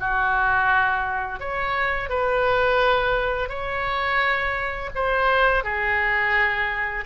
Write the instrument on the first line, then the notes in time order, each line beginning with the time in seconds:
oboe
0.00 F#4
1.40 C#5
2.10 B4
3.49 C#5
4.95 C5
5.64 G#4